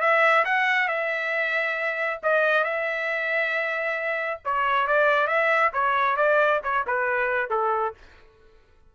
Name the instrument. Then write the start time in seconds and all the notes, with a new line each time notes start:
trumpet
0.00 E5
0.45 F#5
0.88 E5
2.23 D#5
2.64 E5
4.45 C#5
4.87 D5
5.27 E5
5.73 C#5
6.16 D5
6.63 C#5
6.87 B4
7.50 A4